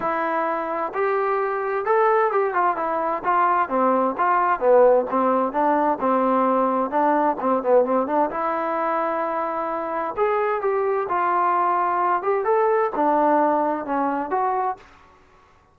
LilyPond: \new Staff \with { instrumentName = "trombone" } { \time 4/4 \tempo 4 = 130 e'2 g'2 | a'4 g'8 f'8 e'4 f'4 | c'4 f'4 b4 c'4 | d'4 c'2 d'4 |
c'8 b8 c'8 d'8 e'2~ | e'2 gis'4 g'4 | f'2~ f'8 g'8 a'4 | d'2 cis'4 fis'4 | }